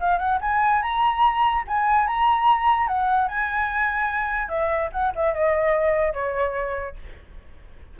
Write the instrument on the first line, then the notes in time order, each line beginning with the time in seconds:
flute
0.00 F5
0.18 F#5
0.41 G#5
0.82 A#5
1.67 G#5
2.07 A#5
2.87 F#5
3.28 G#5
4.49 E5
4.92 F#5
5.16 E5
5.34 D#5
6.13 C#5